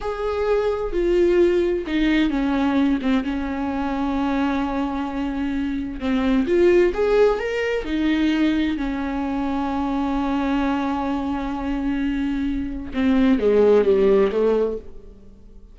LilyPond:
\new Staff \with { instrumentName = "viola" } { \time 4/4 \tempo 4 = 130 gis'2 f'2 | dis'4 cis'4. c'8 cis'4~ | cis'1~ | cis'4 c'4 f'4 gis'4 |
ais'4 dis'2 cis'4~ | cis'1~ | cis'1 | c'4 gis4 g4 a4 | }